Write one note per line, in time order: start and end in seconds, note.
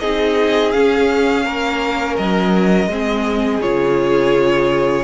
0.00 0.74 C4
0.00 0.74 D#4
0.00 1.46 G#4
0.00 0.72 D#5
0.72 2.90 C#4
0.72 1.46 C#4
0.72 2.17 F5
1.46 2.19 A#3
1.46 2.90 A#4
2.17 2.87 F#3
2.17 3.62 D#5
2.87 3.60 G#3
2.87 3.62 C4
2.87 5.05 G#4
3.62 5.05 C#3
3.62 5.05 F4
3.62 5.05 C#5